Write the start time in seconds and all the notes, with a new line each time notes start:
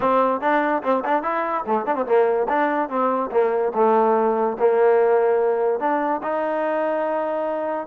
0.00 C4
0.40 D4
0.82 C4
1.04 D4
1.23 E4
1.66 A3
1.86 D4
1.95 C4
2.05 A#3
2.48 D4
2.89 C4
3.31 A#3
3.74 A3
4.59 A#3
5.79 D4
6.23 D#4